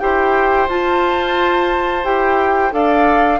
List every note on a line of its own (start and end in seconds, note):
0.00 0.68 E4
0.00 0.69 G4
0.00 2.74 C5
0.00 0.68 G5
0.68 2.04 F4
0.68 2.05 A5
2.04 2.72 E4
2.04 2.71 G4
2.04 2.73 G5
2.71 3.40 D4
2.71 3.39 A4
2.71 3.40 D5
2.71 3.40 F5